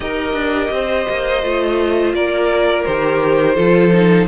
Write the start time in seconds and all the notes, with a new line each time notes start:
0.00 D#4 G4 A#4 D#5
0.33 D4
0.70 C4 C5
1.09 A#3
1.42 A3 F4
2.13 A#3 A#4 D5
2.85 D#3 G4 C5
3.55 F3 F4 A4
3.92 D#4